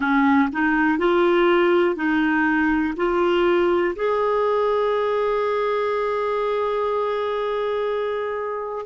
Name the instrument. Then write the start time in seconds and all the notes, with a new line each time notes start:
clarinet
0.00 C#4
0.52 D#4
0.98 F4
1.95 D#4
2.96 F4
3.95 G#4